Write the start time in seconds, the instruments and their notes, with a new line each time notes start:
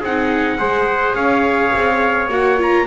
0.00 double bass C4, viola D#4, trumpet G#4 F#5
0.58 double bass G#3, viola G#4, trumpet C5
1.15 double bass C#4, trumpet C#5 F5
1.75 double bass C4
2.28 double bass A#3, viola F#4, trumpet F#5
2.57 viola F4, trumpet A#5